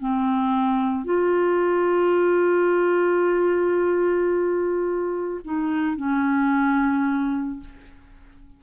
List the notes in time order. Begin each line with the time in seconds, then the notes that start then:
0.00 C4
1.04 F4
5.44 D#4
5.96 C#4